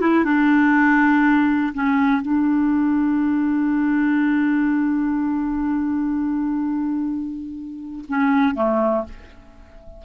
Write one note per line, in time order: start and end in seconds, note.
0.00 0.24 E4
0.24 1.73 D4
1.73 2.22 C#4
2.22 8.04 D4
8.08 8.54 C#4
8.54 9.04 A3